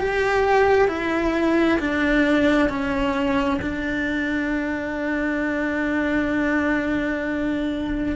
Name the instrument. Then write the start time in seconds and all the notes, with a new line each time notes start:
cello
0.00 G4
0.88 E4
1.80 D4
2.69 C#4
3.62 D4